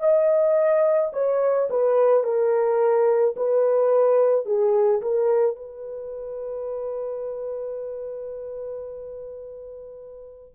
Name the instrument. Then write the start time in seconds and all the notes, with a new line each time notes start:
horn
0.00 D#5
1.12 C#5
1.70 B4
2.23 A#4
3.36 B4
4.45 G#4
5.01 A#4
5.56 B4